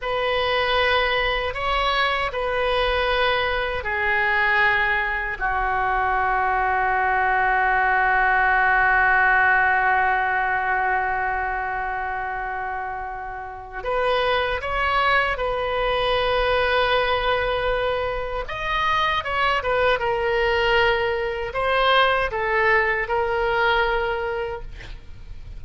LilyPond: \new Staff \with { instrumentName = "oboe" } { \time 4/4 \tempo 4 = 78 b'2 cis''4 b'4~ | b'4 gis'2 fis'4~ | fis'1~ | fis'1~ |
fis'2 b'4 cis''4 | b'1 | dis''4 cis''8 b'8 ais'2 | c''4 a'4 ais'2 | }